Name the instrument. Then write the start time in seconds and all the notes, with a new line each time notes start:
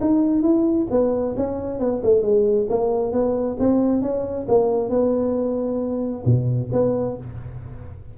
tuba
0.00 D#4
0.42 E4
0.90 B3
1.36 C#4
1.79 B3
2.03 A3
2.22 G#3
2.69 A#3
3.12 B3
3.59 C4
4.01 C#4
4.48 A#3
4.89 B3
6.25 B2
6.72 B3